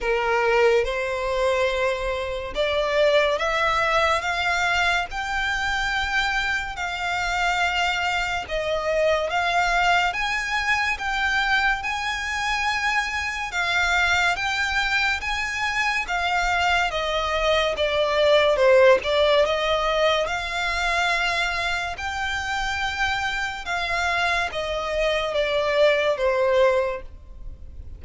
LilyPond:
\new Staff \with { instrumentName = "violin" } { \time 4/4 \tempo 4 = 71 ais'4 c''2 d''4 | e''4 f''4 g''2 | f''2 dis''4 f''4 | gis''4 g''4 gis''2 |
f''4 g''4 gis''4 f''4 | dis''4 d''4 c''8 d''8 dis''4 | f''2 g''2 | f''4 dis''4 d''4 c''4 | }